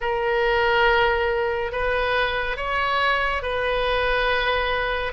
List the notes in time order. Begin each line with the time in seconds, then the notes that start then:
0.00 A#4
1.71 B4
2.56 C#5
3.42 B4